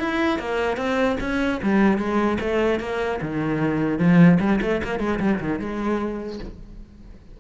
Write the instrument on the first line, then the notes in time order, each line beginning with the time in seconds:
cello
0.00 E4
0.40 A#3
0.77 C4
1.21 C#4
1.63 G3
1.98 G#3
2.41 A3
2.80 A#3
3.22 D#3
3.99 F3
4.40 G3
4.62 A3
4.84 A#3
5.00 G#3
5.20 G3
5.41 D#3
5.60 G#3